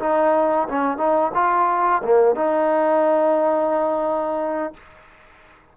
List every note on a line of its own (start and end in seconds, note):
0.00 0.68 D#4
0.69 0.98 C#4
0.98 1.32 D#4
1.35 2.03 F4
2.04 2.36 A#3
2.36 4.74 D#4